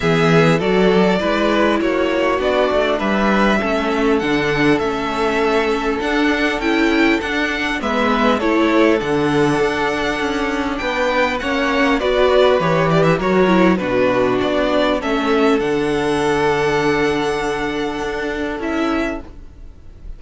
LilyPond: <<
  \new Staff \with { instrumentName = "violin" } { \time 4/4 \tempo 4 = 100 e''4 d''2 cis''4 | d''4 e''2 fis''4 | e''2 fis''4 g''4 | fis''4 e''4 cis''4 fis''4~ |
fis''2 g''4 fis''4 | d''4 cis''8 d''16 e''16 cis''4 b'4 | d''4 e''4 fis''2~ | fis''2. e''4 | }
  \new Staff \with { instrumentName = "violin" } { \time 4/4 gis'4 a'4 b'4 fis'4~ | fis'4 b'4 a'2~ | a'1~ | a'4 b'4 a'2~ |
a'2 b'4 cis''4 | b'2 ais'4 fis'4~ | fis'4 a'2.~ | a'1 | }
  \new Staff \with { instrumentName = "viola" } { \time 4/4 b4 fis'4 e'2 | d'2 cis'4 d'4 | cis'2 d'4 e'4 | d'4 b4 e'4 d'4~ |
d'2. cis'4 | fis'4 g'4 fis'8 e'8 d'4~ | d'4 cis'4 d'2~ | d'2. e'4 | }
  \new Staff \with { instrumentName = "cello" } { \time 4/4 e4 fis4 gis4 ais4 | b8 a8 g4 a4 d4 | a2 d'4 cis'4 | d'4 gis4 a4 d4 |
d'4 cis'4 b4 ais4 | b4 e4 fis4 b,4 | b4 a4 d2~ | d2 d'4 cis'4 | }
>>